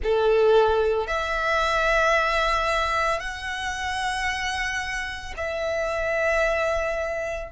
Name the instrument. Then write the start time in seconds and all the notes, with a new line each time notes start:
violin
0.03 A4
1.07 E5
3.19 F#5
5.36 E5